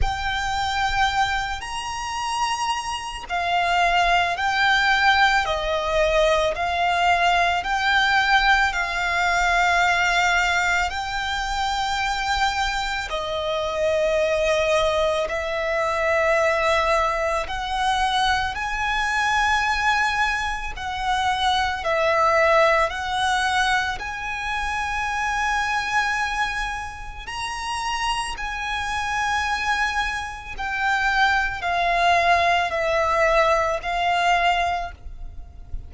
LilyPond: \new Staff \with { instrumentName = "violin" } { \time 4/4 \tempo 4 = 55 g''4. ais''4. f''4 | g''4 dis''4 f''4 g''4 | f''2 g''2 | dis''2 e''2 |
fis''4 gis''2 fis''4 | e''4 fis''4 gis''2~ | gis''4 ais''4 gis''2 | g''4 f''4 e''4 f''4 | }